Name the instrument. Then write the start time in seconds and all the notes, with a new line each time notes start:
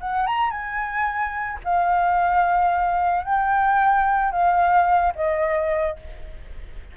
flute
0.00 F#5
0.26 A#5
0.50 G#5
1.64 F5
3.25 G5
4.31 F5
5.15 D#5